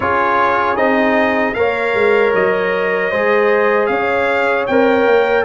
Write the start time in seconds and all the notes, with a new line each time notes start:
0.00 C#4 F4 G#4 C#5
0.75 C4 D#4 D#5
1.54 A#3 A#4 C#5 F5
1.94 G#3
2.34 F#3 D#5
3.10 G#3 G#4 C5
3.86 C#4 C#5 F5
4.66 C4 A#4 G5
5.06 A#3